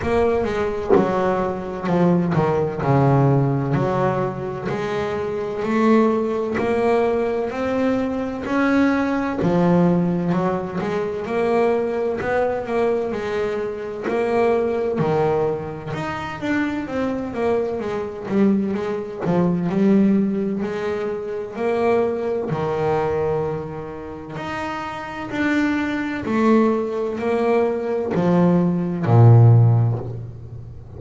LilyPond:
\new Staff \with { instrumentName = "double bass" } { \time 4/4 \tempo 4 = 64 ais8 gis8 fis4 f8 dis8 cis4 | fis4 gis4 a4 ais4 | c'4 cis'4 f4 fis8 gis8 | ais4 b8 ais8 gis4 ais4 |
dis4 dis'8 d'8 c'8 ais8 gis8 g8 | gis8 f8 g4 gis4 ais4 | dis2 dis'4 d'4 | a4 ais4 f4 ais,4 | }